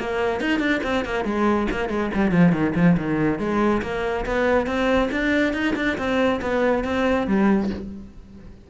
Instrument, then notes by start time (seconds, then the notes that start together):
cello
0.00 A#3
0.41 D#4
0.60 D4
0.84 C4
1.05 A#3
1.25 G#3
1.71 A#3
1.89 G#3
2.15 G3
2.32 F3
2.53 D#3
2.75 F3
2.98 D#3
3.39 G#3
3.83 A#3
4.26 B3
4.67 C4
5.12 D4
5.54 D#4
5.76 D4
5.98 C4
6.42 B3
6.84 C4
7.27 G3